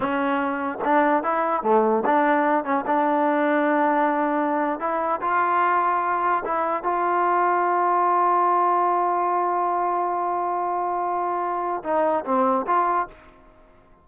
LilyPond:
\new Staff \with { instrumentName = "trombone" } { \time 4/4 \tempo 4 = 147 cis'2 d'4 e'4 | a4 d'4. cis'8 d'4~ | d'2.~ d'8. e'16~ | e'8. f'2. e'16~ |
e'8. f'2.~ f'16~ | f'1~ | f'1~ | f'4 dis'4 c'4 f'4 | }